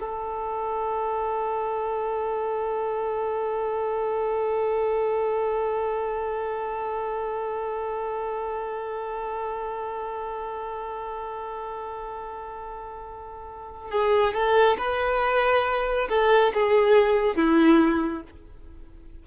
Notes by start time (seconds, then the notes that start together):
0.00 A4
13.91 G#4
14.34 A4
14.78 B4
16.09 A4
16.54 G#4
17.36 E4